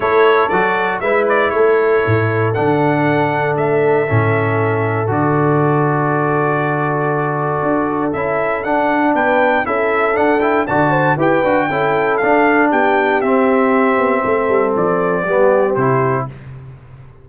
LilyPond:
<<
  \new Staff \with { instrumentName = "trumpet" } { \time 4/4 \tempo 4 = 118 cis''4 d''4 e''8 d''8 cis''4~ | cis''4 fis''2 e''4~ | e''2 d''2~ | d''1 |
e''4 fis''4 g''4 e''4 | fis''8 g''8 a''4 g''2 | f''4 g''4 e''2~ | e''4 d''2 c''4 | }
  \new Staff \with { instrumentName = "horn" } { \time 4/4 a'2 b'4 a'4~ | a'1~ | a'1~ | a'1~ |
a'2 b'4 a'4~ | a'4 d''8 c''8 b'4 a'4~ | a'4 g'2. | a'2 g'2 | }
  \new Staff \with { instrumentName = "trombone" } { \time 4/4 e'4 fis'4 e'2~ | e'4 d'2. | cis'2 fis'2~ | fis'1 |
e'4 d'2 e'4 | d'8 e'8 fis'4 g'8 fis'8 e'4 | d'2 c'2~ | c'2 b4 e'4 | }
  \new Staff \with { instrumentName = "tuba" } { \time 4/4 a4 fis4 gis4 a4 | a,4 d2 a4 | a,2 d2~ | d2. d'4 |
cis'4 d'4 b4 cis'4 | d'4 d4 e'8 d'8 cis'4 | d'4 b4 c'4. b8 | a8 g8 f4 g4 c4 | }
>>